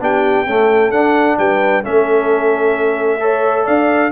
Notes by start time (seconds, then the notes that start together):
0.00 B3 D4 G4 G5
0.46 A3 C#4 A4
0.91 D4 F#5
1.38 G3 B4 G5
1.83 A3 C#4 A4 E5
3.20 A4 C#5
3.63 D4 D5 F5